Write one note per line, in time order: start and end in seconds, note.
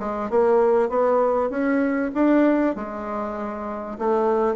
0.00 0.31 G#3
0.31 0.90 A#3
0.90 1.50 B3
1.50 2.12 C#4
2.15 2.76 D4
2.76 3.99 G#3
3.99 4.56 A3